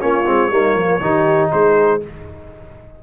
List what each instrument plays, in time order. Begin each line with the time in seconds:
0.00 tuba A#3, trombone C#4, horn F4, trumpet C#5
0.26 tuba G#3, trombone C4
0.51 tuba G3, trombone A#3, horn D#4
0.75 tuba F3, horn F4
1.01 tuba D#3, trombone D#4, horn G4
1.52 tuba G#3, horn G#4, trumpet C5